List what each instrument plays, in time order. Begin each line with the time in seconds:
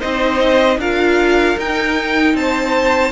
0.00 cello C4, viola D#4, violin C5 D#5
0.78 cello D4, viola F4, violin A#4 F5
1.57 cello D#4, viola D#4, violin G5
2.34 cello C4, violin C5 A5